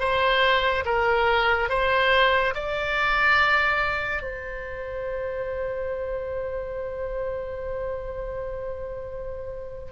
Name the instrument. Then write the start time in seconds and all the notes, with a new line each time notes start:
oboe
0.00 C5
0.86 A#4
1.70 C5
2.55 D5
4.23 C5